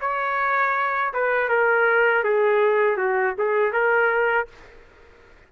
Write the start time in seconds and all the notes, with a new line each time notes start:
0.00 C#5
1.13 B4
1.49 A#4
2.23 G#4
2.97 F#4
3.38 G#4
3.72 A#4